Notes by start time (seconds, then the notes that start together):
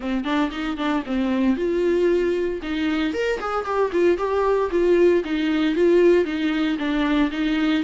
0.00 C4
0.24 D4
0.51 D#4
0.77 D4
1.06 C4
1.56 F4
2.62 D#4
3.13 A#4
3.39 G#4
3.65 G4
3.92 F4
4.17 G4
4.71 F4
5.24 D#4
5.75 F4
6.25 D#4
6.78 D4
7.31 D#4